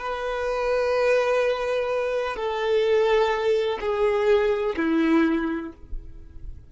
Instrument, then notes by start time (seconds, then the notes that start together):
violin
0.00 B4
2.36 A4
3.81 G#4
4.77 E4